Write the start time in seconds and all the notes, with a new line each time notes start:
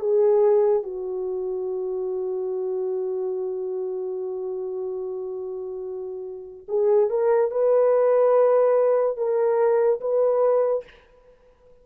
0.00 G#4
0.83 F#4
6.68 G#4
7.10 A#4
7.51 B4
9.17 A#4
10.01 B4